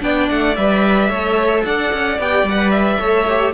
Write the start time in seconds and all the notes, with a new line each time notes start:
0.00 B3 D4 D5 G5
0.30 A3 F#5
0.56 G3 B4 E5
1.09 A3 A4 C#5
1.65 D4 D5 F#5
1.93 C#4
2.19 B3 G4 G5
2.43 G3 F#5
2.51 B4
2.71 E5
2.99 A3 A4 C#5
3.29 G4